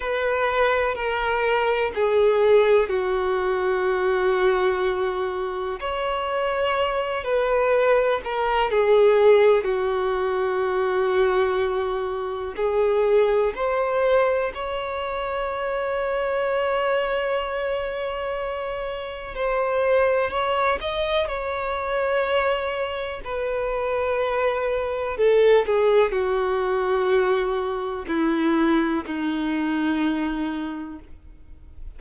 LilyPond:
\new Staff \with { instrumentName = "violin" } { \time 4/4 \tempo 4 = 62 b'4 ais'4 gis'4 fis'4~ | fis'2 cis''4. b'8~ | b'8 ais'8 gis'4 fis'2~ | fis'4 gis'4 c''4 cis''4~ |
cis''1 | c''4 cis''8 dis''8 cis''2 | b'2 a'8 gis'8 fis'4~ | fis'4 e'4 dis'2 | }